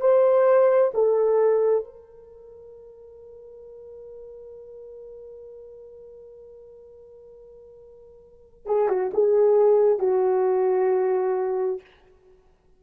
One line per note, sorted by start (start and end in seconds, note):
0.00 0.91 C5
0.94 1.84 A4
1.84 8.65 A#4
8.65 8.88 G#4
8.88 9.10 F#4
9.13 9.98 G#4
9.98 11.80 F#4